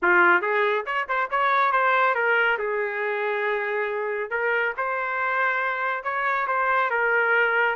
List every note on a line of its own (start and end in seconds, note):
0.02 0.41 F4
0.41 0.85 G#4
0.86 1.07 C#5
1.08 1.29 C5
1.30 1.72 C#5
1.72 2.14 C5
2.14 2.57 A#4
2.58 4.30 G#4
4.30 4.73 A#4
4.77 6.03 C5
6.03 6.46 C#5
6.47 6.90 C5
6.90 7.75 A#4